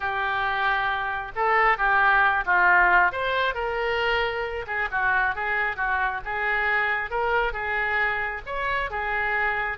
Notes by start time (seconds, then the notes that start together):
0.00 G4
1.35 A4
1.77 G4
2.45 F4
3.12 C5
3.54 A#4
4.66 G#4
4.91 F#4
5.35 G#4
5.76 F#4
6.24 G#4
7.10 A#4
7.52 G#4
8.46 C#5
8.90 G#4